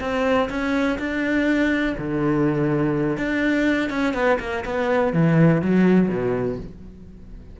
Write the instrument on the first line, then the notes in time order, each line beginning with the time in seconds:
cello
0.00 C4
0.49 C#4
0.98 D4
1.98 D3
3.17 D4
3.90 C#4
4.14 B3
4.40 A#3
4.65 B3
5.13 E3
5.62 F#3
6.08 B2